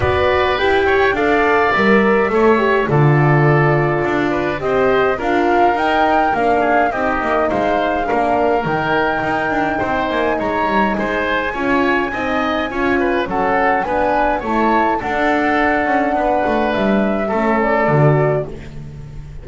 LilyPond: <<
  \new Staff \with { instrumentName = "flute" } { \time 4/4 \tempo 4 = 104 d''4 g''4 f''4 e''4~ | e''4 d''2. | dis''4 f''4 g''4 f''4 | dis''4 f''2 g''4~ |
g''4. gis''8 ais''4 gis''4~ | gis''2. fis''4 | gis''4 a''4 fis''2~ | fis''4 e''4. d''4. | }
  \new Staff \with { instrumentName = "oboe" } { \time 4/4 b'4. cis''8 d''2 | cis''4 a'2~ a'8 b'8 | c''4 ais'2~ ais'8 gis'8 | g'4 c''4 ais'2~ |
ais'4 c''4 cis''4 c''4 | cis''4 dis''4 cis''8 b'8 a'4 | b'4 cis''4 a'2 | b'2 a'2 | }
  \new Staff \with { instrumentName = "horn" } { \time 4/4 fis'4 g'4 a'4 ais'4 | a'8 g'8 f'2. | g'4 f'4 dis'4 d'4 | dis'2 d'4 dis'4~ |
dis'1 | f'4 dis'4 f'4 cis'4 | d'4 e'4 d'2~ | d'2 cis'4 fis'4 | }
  \new Staff \with { instrumentName = "double bass" } { \time 4/4 b4 e'4 d'4 g4 | a4 d2 d'4 | c'4 d'4 dis'4 ais4 | c'8 ais8 gis4 ais4 dis4 |
dis'8 d'8 c'8 ais8 gis8 g8 gis4 | cis'4 c'4 cis'4 fis4 | b4 a4 d'4. cis'8 | b8 a8 g4 a4 d4 | }
>>